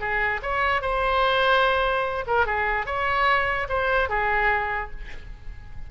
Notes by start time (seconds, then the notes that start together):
0.00 G#4
0.42 C#5
0.82 C5
2.27 A#4
2.46 G#4
2.86 C#5
3.69 C5
4.09 G#4